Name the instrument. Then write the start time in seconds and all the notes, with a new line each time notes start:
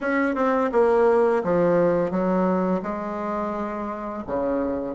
bassoon
0.00 C#4
0.35 C4
0.72 A#3
1.43 F3
2.10 F#3
2.82 G#3
4.26 C#3